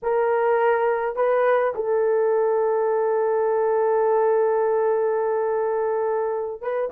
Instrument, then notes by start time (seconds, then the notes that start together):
horn
0.02 A#4
1.15 B4
1.74 A4
6.61 B4